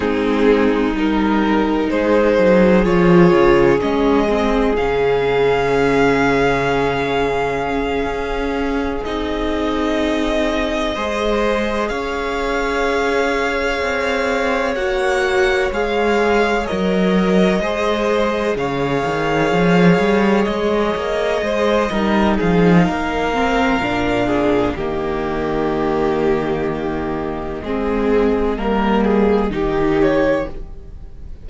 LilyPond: <<
  \new Staff \with { instrumentName = "violin" } { \time 4/4 \tempo 4 = 63 gis'4 ais'4 c''4 cis''4 | dis''4 f''2.~ | f''4. dis''2~ dis''8~ | dis''8 f''2. fis''8~ |
fis''8 f''4 dis''2 f''8~ | f''4. dis''2 f''8~ | f''2 dis''2~ | dis''2.~ dis''8 cis''8 | }
  \new Staff \with { instrumentName = "violin" } { \time 4/4 dis'2 gis'2~ | gis'1~ | gis'2.~ gis'8 c''8~ | c''8 cis''2.~ cis''8~ |
cis''2~ cis''8 c''4 cis''8~ | cis''2~ cis''8 c''8 ais'8 gis'8 | ais'4. gis'8 g'2~ | g'4 gis'4 ais'8 gis'8 g'4 | }
  \new Staff \with { instrumentName = "viola" } { \time 4/4 c'4 dis'2 f'4 | cis'8 c'8 cis'2.~ | cis'4. dis'2 gis'8~ | gis'2.~ gis'8 fis'8~ |
fis'8 gis'4 ais'4 gis'4.~ | gis'2. dis'4~ | dis'8 c'8 d'4 ais2~ | ais4 c'4 ais4 dis'4 | }
  \new Staff \with { instrumentName = "cello" } { \time 4/4 gis4 g4 gis8 fis8 f8 cis8 | gis4 cis2.~ | cis8 cis'4 c'2 gis8~ | gis8 cis'2 c'4 ais8~ |
ais8 gis4 fis4 gis4 cis8 | dis8 f8 g8 gis8 ais8 gis8 g8 f8 | ais4 ais,4 dis2~ | dis4 gis4 g4 dis4 | }
>>